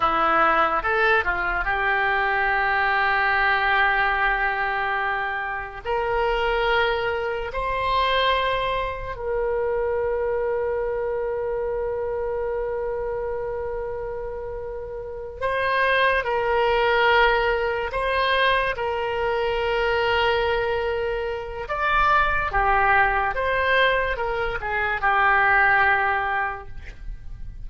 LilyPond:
\new Staff \with { instrumentName = "oboe" } { \time 4/4 \tempo 4 = 72 e'4 a'8 f'8 g'2~ | g'2. ais'4~ | ais'4 c''2 ais'4~ | ais'1~ |
ais'2~ ais'8 c''4 ais'8~ | ais'4. c''4 ais'4.~ | ais'2 d''4 g'4 | c''4 ais'8 gis'8 g'2 | }